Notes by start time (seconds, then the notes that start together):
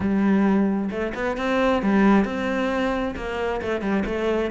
0.00 G3
0.90 A3
1.14 B3
1.37 C4
1.82 G3
2.24 C4
3.16 A#3
3.61 A3
3.81 G3
4.05 A3